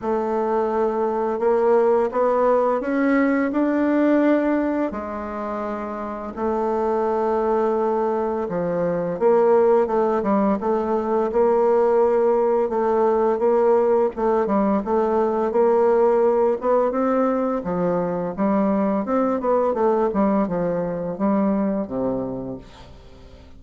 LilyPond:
\new Staff \with { instrumentName = "bassoon" } { \time 4/4 \tempo 4 = 85 a2 ais4 b4 | cis'4 d'2 gis4~ | gis4 a2. | f4 ais4 a8 g8 a4 |
ais2 a4 ais4 | a8 g8 a4 ais4. b8 | c'4 f4 g4 c'8 b8 | a8 g8 f4 g4 c4 | }